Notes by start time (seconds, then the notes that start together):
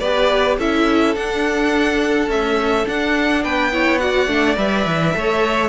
0.00 B3 G4 B4 D5
0.59 C#4 E4 A4 E5
1.16 D4 F#5
2.28 A3 C#4 E5
2.86 D4 F#5
3.44 B3 B4 G5
3.73 E4 C#5
3.99 F#4 D5 F#5
4.28 A3 D4
4.57 G3 B4 E5
4.87 E3
5.13 A3 A4 C#5